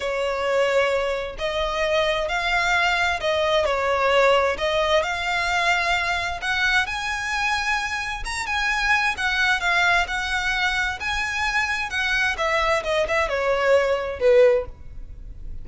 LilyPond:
\new Staff \with { instrumentName = "violin" } { \time 4/4 \tempo 4 = 131 cis''2. dis''4~ | dis''4 f''2 dis''4 | cis''2 dis''4 f''4~ | f''2 fis''4 gis''4~ |
gis''2 ais''8 gis''4. | fis''4 f''4 fis''2 | gis''2 fis''4 e''4 | dis''8 e''8 cis''2 b'4 | }